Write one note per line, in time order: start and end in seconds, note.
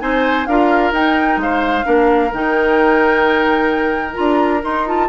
0.00 0.47 C4
0.00 0.46 D#4
0.00 0.48 C5
0.00 0.46 G#5
0.46 0.92 D4
0.46 0.94 F4
0.46 1.41 A#4
0.46 0.92 F5
0.92 1.37 D#4
0.92 1.84 D#4
0.92 1.40 G5
1.37 1.83 G#3
1.37 1.86 C5
1.37 2.34 F5
1.84 2.32 A#3
1.84 2.30 D4
1.84 5.09 A#4
2.32 4.17 D#3
2.32 4.14 D#4
2.32 4.14 G5
4.14 4.64 D4
4.14 4.60 F4
4.14 4.60 A#5
4.63 4.86 D#4
4.63 5.09 D#4
4.63 4.87 C6
4.87 5.09 F4
4.87 5.09 A5